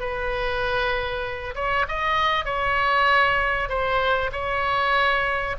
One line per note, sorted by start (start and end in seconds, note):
0.00 1.55 B4
1.55 1.86 C#5
1.89 2.45 D#5
2.45 3.69 C#5
3.69 4.31 C5
4.32 5.56 C#5